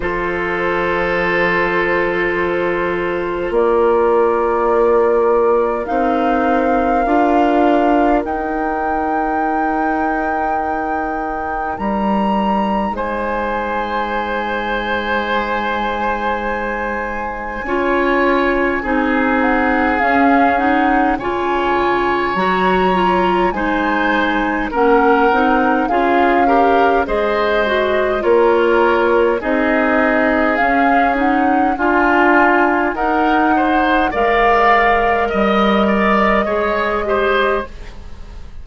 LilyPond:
<<
  \new Staff \with { instrumentName = "flute" } { \time 4/4 \tempo 4 = 51 c''2. d''4~ | d''4 f''2 g''4~ | g''2 ais''4 gis''4~ | gis''1~ |
gis''8 fis''8 f''8 fis''8 gis''4 ais''4 | gis''4 fis''4 f''4 dis''4 | cis''4 dis''4 f''8 fis''8 gis''4 | fis''4 f''4 dis''2 | }
  \new Staff \with { instrumentName = "oboe" } { \time 4/4 a'2. ais'4~ | ais'1~ | ais'2. c''4~ | c''2. cis''4 |
gis'2 cis''2 | c''4 ais'4 gis'8 ais'8 c''4 | ais'4 gis'2 f'4 | ais'8 c''8 d''4 dis''8 d''8 cis''8 c''8 | }
  \new Staff \with { instrumentName = "clarinet" } { \time 4/4 f'1~ | f'4 dis'4 f'4 dis'4~ | dis'1~ | dis'2. f'4 |
dis'4 cis'8 dis'8 f'4 fis'8 f'8 | dis'4 cis'8 dis'8 f'8 g'8 gis'8 fis'8 | f'4 dis'4 cis'8 dis'8 f'4 | dis'4 ais'2 gis'8 g'8 | }
  \new Staff \with { instrumentName = "bassoon" } { \time 4/4 f2. ais4~ | ais4 c'4 d'4 dis'4~ | dis'2 g4 gis4~ | gis2. cis'4 |
c'4 cis'4 cis4 fis4 | gis4 ais8 c'8 cis'4 gis4 | ais4 c'4 cis'4 d'4 | dis'4 gis4 g4 gis4 | }
>>